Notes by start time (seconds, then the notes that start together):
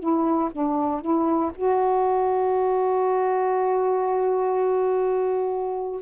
0.00 E4
0.52 D4
1.02 E4
1.55 F#4